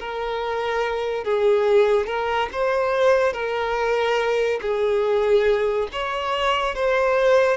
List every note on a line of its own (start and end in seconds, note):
0.00 1.24 A#4
1.24 2.07 G#4
2.07 2.49 A#4
2.52 3.33 C5
3.33 4.60 A#4
4.61 5.88 G#4
5.92 6.75 C#5
6.75 7.57 C5